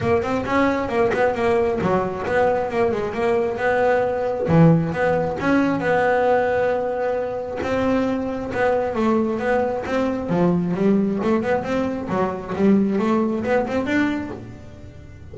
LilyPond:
\new Staff \with { instrumentName = "double bass" } { \time 4/4 \tempo 4 = 134 ais8 c'8 cis'4 ais8 b8 ais4 | fis4 b4 ais8 gis8 ais4 | b2 e4 b4 | cis'4 b2.~ |
b4 c'2 b4 | a4 b4 c'4 f4 | g4 a8 b8 c'4 fis4 | g4 a4 b8 c'8 d'4 | }